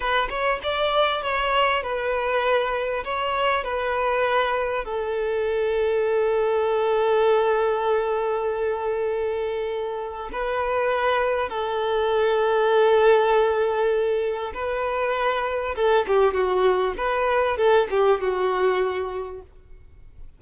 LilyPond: \new Staff \with { instrumentName = "violin" } { \time 4/4 \tempo 4 = 99 b'8 cis''8 d''4 cis''4 b'4~ | b'4 cis''4 b'2 | a'1~ | a'1~ |
a'4 b'2 a'4~ | a'1 | b'2 a'8 g'8 fis'4 | b'4 a'8 g'8 fis'2 | }